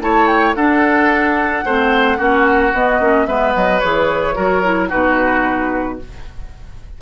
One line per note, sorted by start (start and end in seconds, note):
0.00 0.54 A3
0.00 0.55 E4
0.00 0.55 C#5
0.00 0.27 A5
0.27 0.54 G5
0.54 1.64 D4
0.54 1.65 D4
0.54 1.64 A4
0.54 2.73 F#5
1.64 2.18 A3
1.64 2.17 C4
1.64 2.17 C5
2.17 2.73 A#3
2.17 2.72 C#4
2.17 3.26 F#4
2.73 2.99 B3
2.73 3.00 B3
2.73 3.25 D#5
2.99 3.26 A#3
2.99 3.26 C#4
3.25 3.54 G#3
3.25 3.81 B3
3.25 4.35 B4
3.25 3.53 E5
3.55 3.82 F#3
3.55 3.79 D#5
3.79 4.37 E3
3.79 4.34 G#4
3.79 4.88 C#5
4.34 4.91 F#3
4.34 4.61 F#4
4.34 4.89 A#4
4.63 4.89 E4
4.89 6.01 B2
4.89 5.99 D#4
4.89 5.98 F#4
4.89 5.99 B4